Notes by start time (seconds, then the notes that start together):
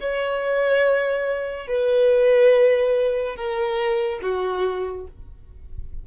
0.00 C#5
1.67 B4
3.36 A#4
4.22 F#4